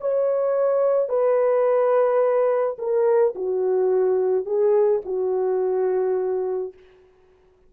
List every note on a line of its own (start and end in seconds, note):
0.00 1.08 C#5
1.08 2.76 B4
2.78 3.34 A#4
3.35 4.45 F#4
4.45 5.01 G#4
5.05 6.73 F#4